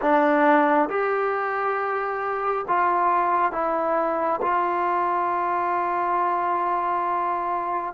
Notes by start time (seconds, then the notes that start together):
0.01 D4
0.89 G4
2.68 F4
3.52 E4
4.42 F4